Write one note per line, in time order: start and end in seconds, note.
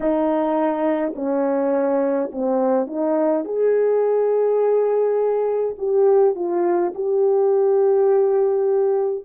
0.00 1.13 D#4
1.15 2.30 C#4
2.32 2.86 C4
2.86 3.44 D#4
3.45 5.75 G#4
5.77 6.35 G4
6.35 6.92 F4
6.94 9.25 G4